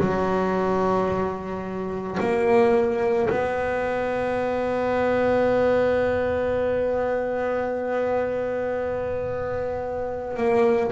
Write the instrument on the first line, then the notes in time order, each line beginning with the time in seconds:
double bass
0.00 F#3
2.20 A#3
3.30 B3
10.37 A#3